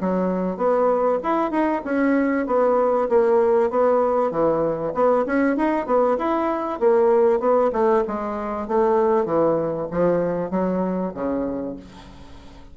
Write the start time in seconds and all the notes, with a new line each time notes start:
0.00 F#3
0.57 B3
1.23 E4
1.51 D#4
1.84 C#4
2.46 B3
3.09 A#3
3.70 B3
4.31 E3
4.94 B3
5.26 C#4
5.56 D#4
5.86 B3
6.18 E4
6.80 A#3
7.39 B3
7.72 A3
8.07 G#3
8.68 A3
9.25 E3
9.91 F3
10.50 F#3
11.14 C#3